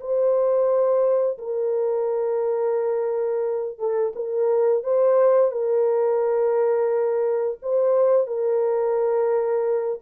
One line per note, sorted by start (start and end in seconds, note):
0.00 1.38 C5
1.38 3.79 A#4
3.79 4.13 A4
4.15 4.83 A#4
4.83 5.51 C5
5.51 7.58 A#4
7.62 8.27 C5
8.27 10.00 A#4